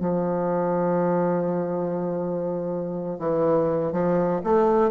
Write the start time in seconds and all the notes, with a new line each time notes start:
0.00 F3
3.19 E3
3.92 F3
4.44 A3